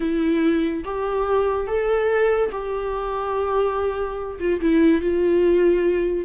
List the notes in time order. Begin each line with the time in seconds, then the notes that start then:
0.00 E4
0.84 G4
1.67 A4
2.51 G4
4.39 F4
4.60 E4
5.01 F4